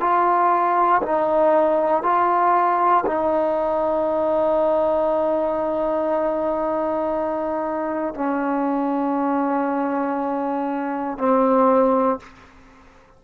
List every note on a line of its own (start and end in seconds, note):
0.00 1.02 F4
1.02 2.02 D#4
2.02 3.04 F4
3.06 8.14 D#4
8.14 11.18 C#4
11.18 12.19 C4